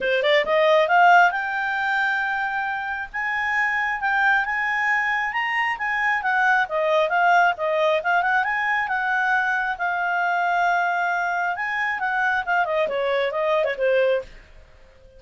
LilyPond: \new Staff \with { instrumentName = "clarinet" } { \time 4/4 \tempo 4 = 135 c''8 d''8 dis''4 f''4 g''4~ | g''2. gis''4~ | gis''4 g''4 gis''2 | ais''4 gis''4 fis''4 dis''4 |
f''4 dis''4 f''8 fis''8 gis''4 | fis''2 f''2~ | f''2 gis''4 fis''4 | f''8 dis''8 cis''4 dis''8. cis''16 c''4 | }